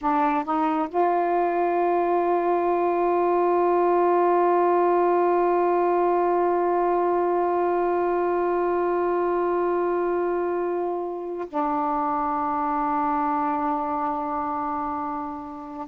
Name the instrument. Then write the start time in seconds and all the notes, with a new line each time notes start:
saxophone
0.01 D4
0.44 D#4
0.88 F4
11.48 D4